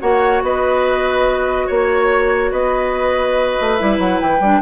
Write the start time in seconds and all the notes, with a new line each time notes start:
0.00 A#3 F#4 C#5 F#5
0.42 B3 B4 D#5
1.67 A#3 C#5
2.52 B3 B4 D#5
3.61 A3
3.77 G3 E4 E5
3.99 F#3 F#5
4.21 E3 G5
4.40 G3 D4